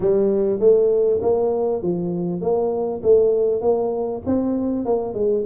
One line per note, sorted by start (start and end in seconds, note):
0.00 0.59 G3
0.59 1.20 A3
1.21 1.82 A#3
1.82 2.41 F3
2.41 3.01 A#3
3.02 3.61 A3
3.61 4.21 A#3
4.26 4.85 C4
4.85 5.13 A#3
5.13 5.44 G#3